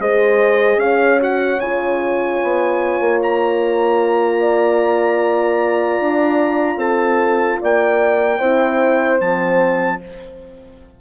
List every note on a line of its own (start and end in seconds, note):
0.00 0.77 G#3
0.00 1.20 G#4
0.00 0.81 C5
0.00 0.80 D#5
0.77 1.57 C#4
0.77 4.40 C#5
0.77 1.20 F5
1.20 1.60 F#4
1.20 1.60 F#5
1.60 2.40 C#3
1.60 8.41 F4
1.60 3.20 G#5
2.43 3.00 B3
3.00 6.00 A#3
3.22 6.80 A#5
4.40 6.78 D5
6.00 6.77 D4
6.77 7.57 C4
6.77 7.58 A4
6.77 7.60 A5
7.62 8.40 A#3
7.62 8.39 D5
7.62 9.21 G5
8.39 9.20 C4
8.39 9.20 E4
8.39 9.99 C5
9.20 10.01 F3
9.20 10.00 C4
9.20 10.01 A5